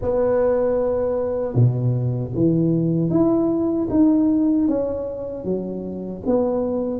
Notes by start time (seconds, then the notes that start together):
0.01 B3
1.54 B2
2.34 E3
3.10 E4
3.90 D#4
4.68 C#4
5.44 F#3
6.26 B3